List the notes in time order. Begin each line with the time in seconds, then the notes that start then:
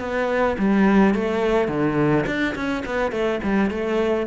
0.00 B3
0.59 G3
1.15 A3
1.69 D3
2.27 D4
2.55 C#4
2.86 B3
3.12 A3
3.43 G3
3.71 A3